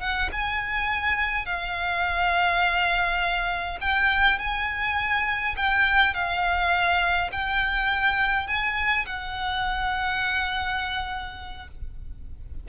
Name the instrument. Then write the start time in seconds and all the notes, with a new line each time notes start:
violin
0.00 F#5
0.32 G#5
1.45 F5
3.80 G5
4.38 G#5
5.56 G5
6.14 F5
7.32 G5
8.47 G#5
9.06 F#5